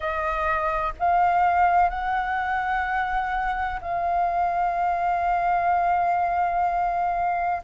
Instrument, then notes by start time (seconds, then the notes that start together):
flute
0.00 D#5
0.99 F5
1.89 F#5
3.81 F5